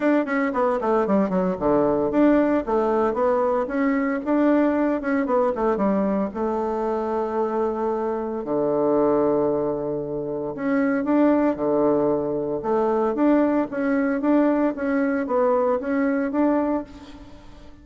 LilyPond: \new Staff \with { instrumentName = "bassoon" } { \time 4/4 \tempo 4 = 114 d'8 cis'8 b8 a8 g8 fis8 d4 | d'4 a4 b4 cis'4 | d'4. cis'8 b8 a8 g4 | a1 |
d1 | cis'4 d'4 d2 | a4 d'4 cis'4 d'4 | cis'4 b4 cis'4 d'4 | }